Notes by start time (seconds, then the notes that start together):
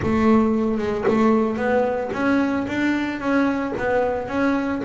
0.02 A3
0.78 G#3
1.08 A3
1.56 B3
2.12 C#4
2.67 D4
3.19 C#4
3.77 B3
4.28 C#4